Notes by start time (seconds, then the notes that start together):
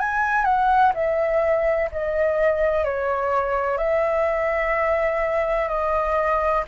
0.00 G#5
0.45 F#5
0.95 E5
1.92 D#5
2.85 C#5
3.78 E5
5.69 D#5